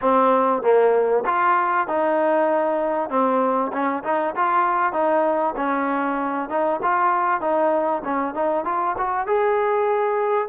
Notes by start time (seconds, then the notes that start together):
0.01 C4
0.62 A#3
1.25 F4
1.87 D#4
3.09 C4
3.72 C#4
4.03 D#4
4.35 F4
4.92 D#4
5.56 C#4
6.49 D#4
6.82 F4
7.40 D#4
8.04 C#4
8.34 D#4
8.65 F4
8.97 F#4
9.26 G#4